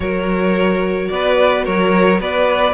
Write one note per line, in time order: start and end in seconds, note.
0.00 1.09 F#3
0.00 2.73 F#4
0.00 1.11 A#4
0.00 1.08 C#5
1.08 1.66 B3
1.08 1.65 B4
1.08 1.63 D5
1.65 2.20 F#3
1.65 2.20 A#4
1.65 2.20 C#5
2.20 2.73 B3
2.20 2.73 B4
2.20 2.73 D5